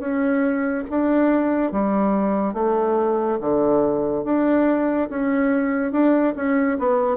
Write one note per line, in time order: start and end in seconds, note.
0.00 0.85 C#4
0.90 1.72 D4
1.72 2.54 G3
2.54 3.39 A3
3.41 4.24 D3
4.24 5.09 D4
5.10 5.92 C#4
5.92 6.35 D4
6.36 6.78 C#4
6.79 7.17 B3